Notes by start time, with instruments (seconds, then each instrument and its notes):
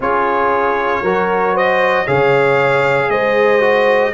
0.00 tuba C#4, trombone F4, horn G#4, trumpet C#5
1.02 tuba F#3, trombone F#4, horn A#4
1.53 horn C5, trumpet D#5
2.05 tuba C#3, trombone G#4, horn C#5, trumpet F5
3.08 tuba G#3, horn C5, trumpet D#5
3.61 trombone F#4